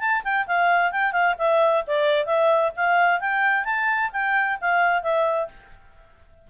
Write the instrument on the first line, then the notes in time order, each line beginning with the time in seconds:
clarinet
0.00 A5
0.24 G5
0.47 F5
0.92 G5
1.12 F5
1.39 E5
1.87 D5
2.26 E5
2.77 F5
3.20 G5
3.65 A5
4.13 G5
4.61 F5
5.03 E5